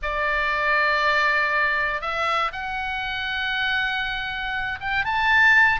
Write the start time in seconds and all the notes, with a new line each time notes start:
0.02 D5
2.01 E5
2.52 F#5
4.80 G5
5.04 A5